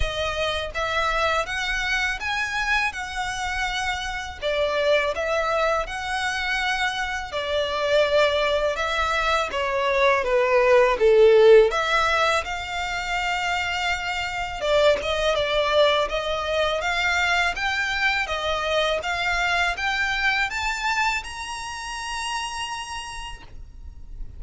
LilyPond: \new Staff \with { instrumentName = "violin" } { \time 4/4 \tempo 4 = 82 dis''4 e''4 fis''4 gis''4 | fis''2 d''4 e''4 | fis''2 d''2 | e''4 cis''4 b'4 a'4 |
e''4 f''2. | d''8 dis''8 d''4 dis''4 f''4 | g''4 dis''4 f''4 g''4 | a''4 ais''2. | }